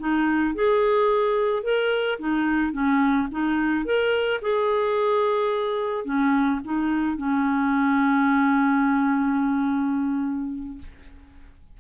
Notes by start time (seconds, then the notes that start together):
0.00 D#4
0.55 G#4
1.64 A#4
2.19 D#4
2.73 C#4
3.32 D#4
3.85 A#4
4.42 G#4
6.05 C#4
6.65 D#4
7.18 C#4